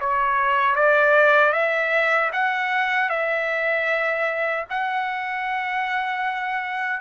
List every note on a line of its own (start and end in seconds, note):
0.00 0.75 C#5
0.75 1.52 D5
1.52 2.30 E5
2.32 3.09 F#5
3.09 4.65 E5
4.70 7.00 F#5